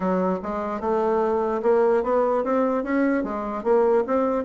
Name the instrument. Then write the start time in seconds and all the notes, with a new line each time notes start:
bassoon
0.00 F#3
0.43 G#3
0.80 A3
1.62 A#3
2.03 B3
2.43 C4
2.83 C#4
3.23 G#3
3.63 A#3
4.07 C4